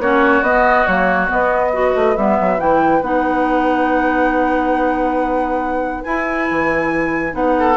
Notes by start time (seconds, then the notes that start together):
0.00 A#3 C#4 F#4 C#5
0.43 B3 D#5
0.87 F#3 A#3 C#5
1.28 B3 D#5
1.72 F#4 B4
1.95 A3
2.17 G3 B3 E5
2.41 F#3
2.59 E3 E4 G5
3.02 B3 D#4 F#5
6.04 E4 G#5
6.51 E3
7.32 B3 D#4 F#5
7.60 A4